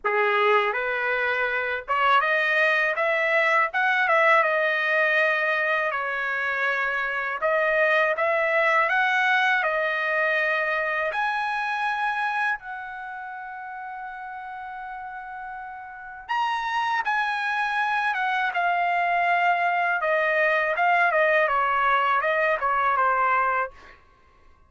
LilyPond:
\new Staff \with { instrumentName = "trumpet" } { \time 4/4 \tempo 4 = 81 gis'4 b'4. cis''8 dis''4 | e''4 fis''8 e''8 dis''2 | cis''2 dis''4 e''4 | fis''4 dis''2 gis''4~ |
gis''4 fis''2.~ | fis''2 ais''4 gis''4~ | gis''8 fis''8 f''2 dis''4 | f''8 dis''8 cis''4 dis''8 cis''8 c''4 | }